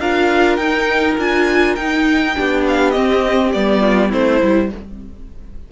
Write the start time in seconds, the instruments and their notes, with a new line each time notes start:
0.00 cello D4, viola F4, violin A#4 F5
0.57 cello D#4, viola D#4, violin G5
1.18 cello D4, viola F4, violin G#5
1.75 viola D#4, cello D#4, violin G5
2.35 cello B3, viola D4, violin G4
2.68 violin F5
2.91 viola C4, violin D#5
2.97 cello C4
3.53 cello G3, viola B3, violin D5
3.81 violin F4
4.09 cello A3, viola C4, violin E4 C5
4.42 cello G3, viola E4